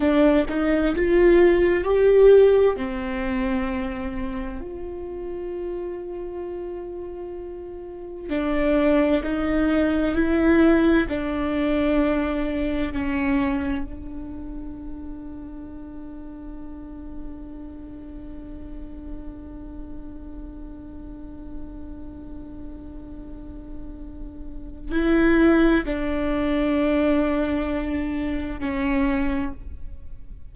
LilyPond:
\new Staff \with { instrumentName = "viola" } { \time 4/4 \tempo 4 = 65 d'8 dis'8 f'4 g'4 c'4~ | c'4 f'2.~ | f'4 d'4 dis'4 e'4 | d'2 cis'4 d'4~ |
d'1~ | d'1~ | d'2. e'4 | d'2. cis'4 | }